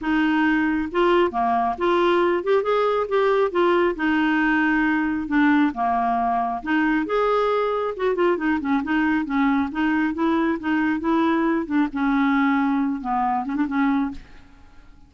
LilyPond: \new Staff \with { instrumentName = "clarinet" } { \time 4/4 \tempo 4 = 136 dis'2 f'4 ais4 | f'4. g'8 gis'4 g'4 | f'4 dis'2. | d'4 ais2 dis'4 |
gis'2 fis'8 f'8 dis'8 cis'8 | dis'4 cis'4 dis'4 e'4 | dis'4 e'4. d'8 cis'4~ | cis'4. b4 cis'16 d'16 cis'4 | }